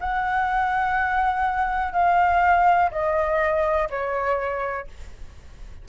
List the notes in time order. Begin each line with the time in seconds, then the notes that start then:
0.00 F#5
1.92 F5
2.91 D#5
3.90 C#5